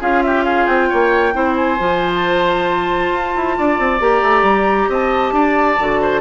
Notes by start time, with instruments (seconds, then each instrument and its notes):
0.00 bassoon C#4, clarinet F4, oboe G#4, flute F5
0.23 oboe G4, flute E5
0.44 oboe G#4, flute F5
0.66 bassoon C4, flute G5
0.89 bassoon A#3, oboe C#5
1.33 bassoon C4, clarinet E4, oboe C5
1.56 flute G#5
1.78 bassoon F3, clarinet F4
2.14 flute A5
3.11 bassoon F4
3.36 bassoon E4
3.57 bassoon D4, oboe D5
3.78 bassoon C4
4.00 bassoon A#3, clarinet G4, flute A#5
4.22 bassoon A3
4.42 bassoon G3
4.89 bassoon C4, oboe D#5, flute A5
5.32 bassoon D4, oboe D5
5.79 bassoon D3, clarinet F#4
6.01 oboe C5